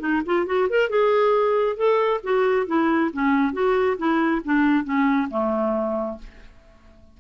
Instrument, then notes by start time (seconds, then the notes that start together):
clarinet
0.00 D#4
0.26 F4
0.46 F#4
0.70 A#4
0.90 G#4
1.77 A4
2.24 F#4
2.67 E4
3.13 C#4
3.53 F#4
3.98 E4
4.45 D4
4.85 C#4
5.30 A3